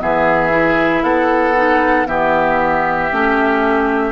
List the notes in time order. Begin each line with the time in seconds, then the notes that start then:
0.00 E3 B3 G#4 E5
0.50 E4
1.02 B3 A4 F#5
1.55 D#4
2.06 E3 B3 G4 E5
3.11 A3 C#4